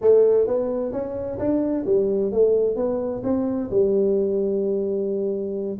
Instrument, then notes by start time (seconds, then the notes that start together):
tuba
0.01 A3
0.47 B3
0.92 C#4
1.38 D4
1.85 G3
2.32 A3
2.76 B3
3.23 C4
3.70 G3